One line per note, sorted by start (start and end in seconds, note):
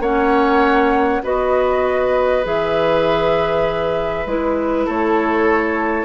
0.00 1.21 A#3
0.00 1.23 C#4
0.00 1.22 C#5
0.00 1.23 F#5
1.23 2.45 B3
1.23 2.43 F#4
1.23 4.86 B4
1.23 2.45 D#5
2.43 4.26 E3
2.43 4.25 G#4
2.43 4.28 E5
4.26 4.87 G#3
4.26 6.05 E4
4.26 4.88 B4
4.86 6.05 A3
4.86 6.05 A4
4.86 6.05 C#5